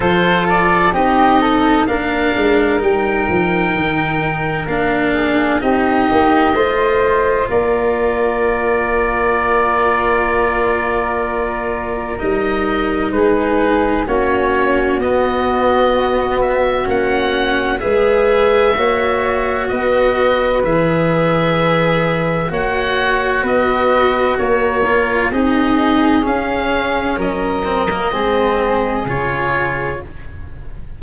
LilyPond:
<<
  \new Staff \with { instrumentName = "oboe" } { \time 4/4 \tempo 4 = 64 c''8 d''8 dis''4 f''4 g''4~ | g''4 f''4 dis''2 | d''1~ | d''4 dis''4 b'4 cis''4 |
dis''4. e''8 fis''4 e''4~ | e''4 dis''4 e''2 | fis''4 dis''4 cis''4 dis''4 | f''4 dis''2 cis''4 | }
  \new Staff \with { instrumentName = "flute" } { \time 4/4 a'4 g'8 a'8 ais'2~ | ais'4. gis'8 g'4 c''4 | ais'1~ | ais'2 gis'4 fis'4~ |
fis'2. b'4 | cis''4 b'2. | cis''4 b'4 ais'4 gis'4~ | gis'4 ais'4 gis'2 | }
  \new Staff \with { instrumentName = "cello" } { \time 4/4 f'4 dis'4 d'4 dis'4~ | dis'4 d'4 dis'4 f'4~ | f'1~ | f'4 dis'2 cis'4 |
b2 cis'4 gis'4 | fis'2 gis'2 | fis'2~ fis'8 f'8 dis'4 | cis'4. c'16 ais16 c'4 f'4 | }
  \new Staff \with { instrumentName = "tuba" } { \time 4/4 f4 c'4 ais8 gis8 g8 f8 | dis4 ais4 c'8 ais8 a4 | ais1~ | ais4 g4 gis4 ais4 |
b2 ais4 gis4 | ais4 b4 e2 | ais4 b4 ais4 c'4 | cis'4 fis4 gis4 cis4 | }
>>